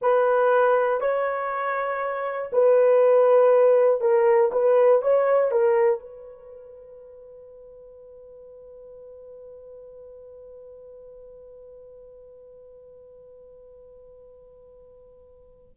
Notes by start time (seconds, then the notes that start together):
0.01 B4
1.00 C#5
2.52 B4
4.00 A#4
4.51 B4
5.01 C#5
5.50 A#4
6.00 B4